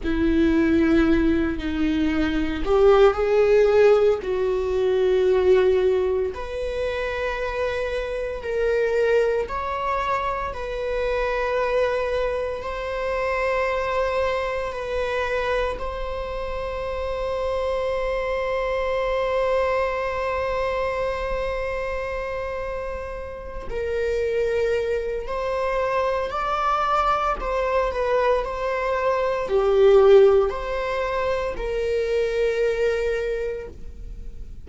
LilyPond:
\new Staff \with { instrumentName = "viola" } { \time 4/4 \tempo 4 = 57 e'4. dis'4 g'8 gis'4 | fis'2 b'2 | ais'4 cis''4 b'2 | c''2 b'4 c''4~ |
c''1~ | c''2~ c''8 ais'4. | c''4 d''4 c''8 b'8 c''4 | g'4 c''4 ais'2 | }